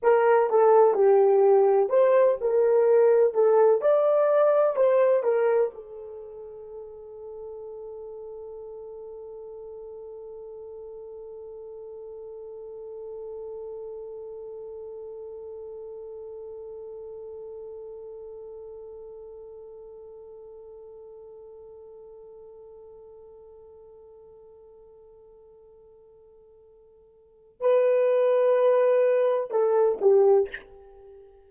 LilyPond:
\new Staff \with { instrumentName = "horn" } { \time 4/4 \tempo 4 = 63 ais'8 a'8 g'4 c''8 ais'4 a'8 | d''4 c''8 ais'8 a'2~ | a'1~ | a'1~ |
a'1~ | a'1~ | a'1~ | a'4 b'2 a'8 g'8 | }